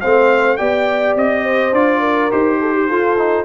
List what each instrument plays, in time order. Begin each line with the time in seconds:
0.00 tuba A3, trombone C4, horn C5, trumpet F5
0.57 tuba B3, trombone G4, horn D5, trumpet G5
1.15 tuba C4, trumpet D#5
1.43 horn C5
1.72 tuba D4, trombone F4, trumpet D5
2.00 horn A#4
2.31 tuba D#4, trombone G4, trumpet C5
2.60 horn A4
2.73 horn G4
2.89 tuba F4, trombone F4, horn A4
3.17 trombone D#4